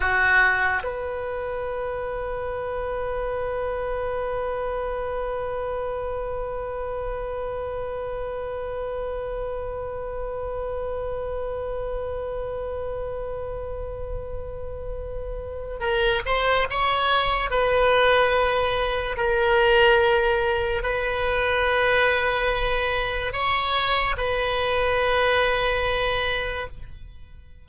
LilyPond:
\new Staff \with { instrumentName = "oboe" } { \time 4/4 \tempo 4 = 72 fis'4 b'2.~ | b'1~ | b'1~ | b'1~ |
b'2. ais'8 c''8 | cis''4 b'2 ais'4~ | ais'4 b'2. | cis''4 b'2. | }